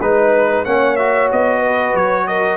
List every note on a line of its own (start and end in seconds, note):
0.00 0.65 G#3
0.00 0.66 D#4
0.00 0.65 B4
0.65 1.31 A#3
0.65 0.98 C#4
0.65 1.59 C#5
0.65 0.96 F#5
0.96 2.57 F#4
0.96 1.28 E5
1.32 1.94 B3
1.32 1.96 D#5
1.59 2.24 B4
1.94 2.57 F#3
1.94 2.27 C#5
2.27 2.57 A#4
2.27 2.57 D#5